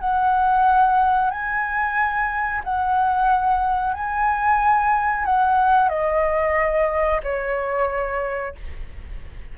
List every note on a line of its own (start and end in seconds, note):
0.00 1.30 F#5
1.30 2.62 G#5
2.64 3.94 F#5
3.94 5.25 G#5
5.25 5.89 F#5
5.89 7.21 D#5
7.23 8.55 C#5